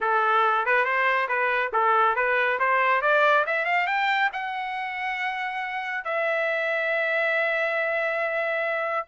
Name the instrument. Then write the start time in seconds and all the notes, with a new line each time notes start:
trumpet
0.00 A4
0.65 B4
0.85 C5
1.28 B4
1.73 A4
2.15 B4
2.59 C5
3.01 D5
3.46 E5
3.65 F5
3.87 G5
4.32 F#5
6.04 E5